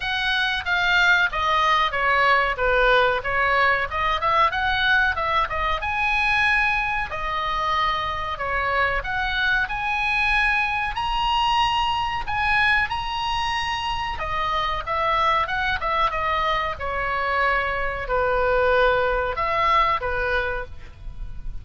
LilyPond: \new Staff \with { instrumentName = "oboe" } { \time 4/4 \tempo 4 = 93 fis''4 f''4 dis''4 cis''4 | b'4 cis''4 dis''8 e''8 fis''4 | e''8 dis''8 gis''2 dis''4~ | dis''4 cis''4 fis''4 gis''4~ |
gis''4 ais''2 gis''4 | ais''2 dis''4 e''4 | fis''8 e''8 dis''4 cis''2 | b'2 e''4 b'4 | }